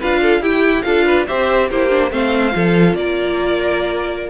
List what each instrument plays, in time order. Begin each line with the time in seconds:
0.00 cello D4, viola F4, violin B4 F5
0.22 violin A4
0.40 cello E4, viola E4, violin G4 G5
0.82 cello D4, viola F4, violin A4 F5
1.06 violin B4
1.27 cello C4, viola G4, violin C5 E5
1.69 cello A#3, viola E4, violin G4 C5
1.90 viola D4
2.11 cello A3, viola C4, violin C5 F5
2.52 cello F3, viola F4, violin A4
2.94 cello A#3, violin A#4 D5